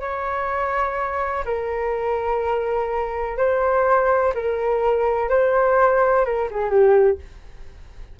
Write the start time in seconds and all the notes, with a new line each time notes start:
0.00 C#5
1.45 A#4
3.37 C5
4.34 A#4
5.29 C5
6.25 A#4
6.51 G#4
6.69 G4